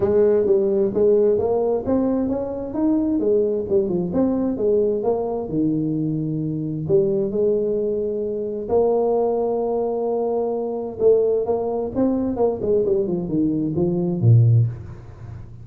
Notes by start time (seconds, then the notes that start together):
0.00 G#3
0.46 G3
0.94 G#3
1.38 A#3
1.85 C4
2.29 C#4
2.74 D#4
3.19 G#3
3.69 G3
3.88 F3
4.13 C4
4.57 G#3
5.03 A#3
5.48 D#3
6.87 G3
7.31 G#3
8.69 A#3
10.99 A3
11.45 A#3
11.95 C4
12.36 A#3
12.61 G#3
12.86 G3
13.07 F3
13.28 D#3
13.75 F3
14.20 A#2